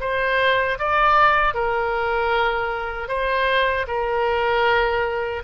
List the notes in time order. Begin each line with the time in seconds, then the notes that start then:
0.00 C5
0.78 D5
1.54 A#4
3.08 C5
3.87 A#4